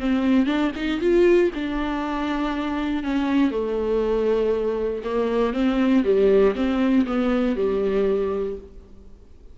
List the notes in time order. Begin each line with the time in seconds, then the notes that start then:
0.00 C4
0.46 D4
0.76 D#4
1.01 F4
1.55 D4
3.03 C#4
3.51 A3
5.04 A#3
5.53 C4
6.04 G3
6.55 C4
7.06 B3
7.56 G3